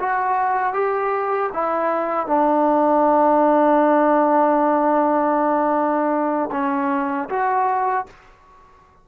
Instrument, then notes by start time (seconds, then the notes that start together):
trombone
0.00 F#4
0.73 G4
1.53 E4
2.27 D4
6.52 C#4
7.29 F#4